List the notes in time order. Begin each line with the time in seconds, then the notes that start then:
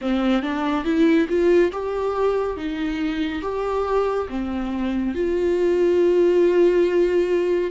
0.01 C4
0.42 D4
0.84 E4
1.28 F4
1.72 G4
2.56 D#4
3.42 G4
4.29 C4
5.14 F4